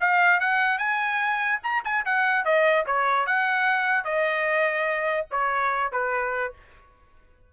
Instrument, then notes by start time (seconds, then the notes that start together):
trumpet
0.00 F5
0.40 F#5
0.78 G#5
1.63 A#5
1.84 G#5
2.05 F#5
2.45 D#5
2.86 C#5
3.26 F#5
4.04 D#5
5.31 C#5
5.92 B4